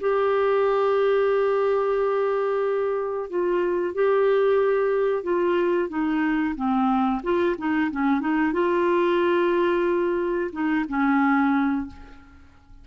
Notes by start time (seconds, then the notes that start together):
0.00 G4
3.30 F4
3.94 G4
5.23 F4
5.89 D#4
6.55 C4
7.23 F4
7.58 D#4
7.91 C#4
8.20 D#4
8.53 F4
10.52 D#4
10.88 C#4